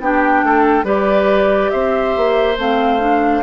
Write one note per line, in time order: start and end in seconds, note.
0.00 0.43 B3
0.00 0.84 D4
0.00 0.45 G4
0.00 0.86 G5
0.43 0.84 A3
0.43 0.85 A4
0.84 1.69 G3
0.84 2.55 G4
0.84 1.71 B4
0.84 1.71 D5
1.71 2.16 C4
1.71 3.42 C5
1.71 2.56 E5
2.16 2.58 A#3
2.57 3.42 A3
2.57 3.00 C4
2.57 3.42 F5
3.00 3.42 D4